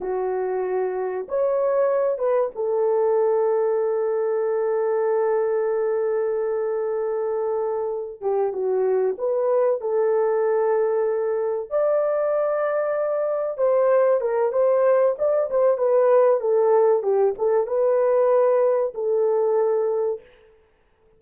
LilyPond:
\new Staff \with { instrumentName = "horn" } { \time 4/4 \tempo 4 = 95 fis'2 cis''4. b'8 | a'1~ | a'1~ | a'4 g'8 fis'4 b'4 a'8~ |
a'2~ a'8 d''4.~ | d''4. c''4 ais'8 c''4 | d''8 c''8 b'4 a'4 g'8 a'8 | b'2 a'2 | }